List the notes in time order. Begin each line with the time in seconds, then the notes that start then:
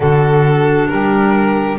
0.00 D3 D4 F#4 A4
0.88 G3 G4 A#4